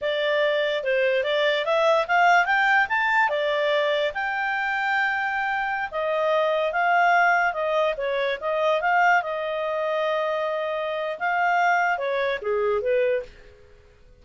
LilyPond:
\new Staff \with { instrumentName = "clarinet" } { \time 4/4 \tempo 4 = 145 d''2 c''4 d''4 | e''4 f''4 g''4 a''4 | d''2 g''2~ | g''2~ g''16 dis''4.~ dis''16~ |
dis''16 f''2 dis''4 cis''8.~ | cis''16 dis''4 f''4 dis''4.~ dis''16~ | dis''2. f''4~ | f''4 cis''4 gis'4 b'4 | }